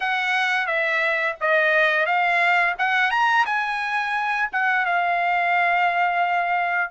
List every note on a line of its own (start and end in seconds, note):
0.00 0.66 F#5
0.66 1.35 E5
1.40 2.06 D#5
2.06 2.75 F5
2.78 3.10 F#5
3.10 3.45 A#5
3.45 4.49 G#5
4.52 4.85 F#5
4.85 6.91 F5